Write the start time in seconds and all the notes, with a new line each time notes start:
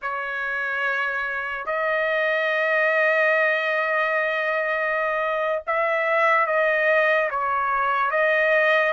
0.02 C#5
1.66 D#5
5.67 E5
6.46 D#5
7.30 C#5
8.10 D#5